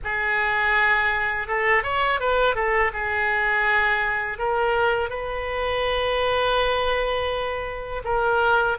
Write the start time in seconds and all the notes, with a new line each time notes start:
0.04 G#4
1.47 A4
1.83 C#5
2.20 B4
2.55 A4
2.93 G#4
4.38 A#4
5.09 B4
8.04 A#4